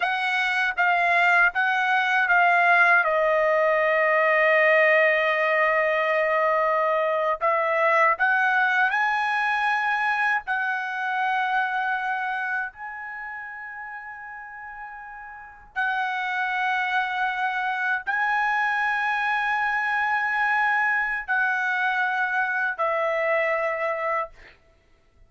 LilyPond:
\new Staff \with { instrumentName = "trumpet" } { \time 4/4 \tempo 4 = 79 fis''4 f''4 fis''4 f''4 | dis''1~ | dis''4.~ dis''16 e''4 fis''4 gis''16~ | gis''4.~ gis''16 fis''2~ fis''16~ |
fis''8. gis''2.~ gis''16~ | gis''8. fis''2. gis''16~ | gis''1 | fis''2 e''2 | }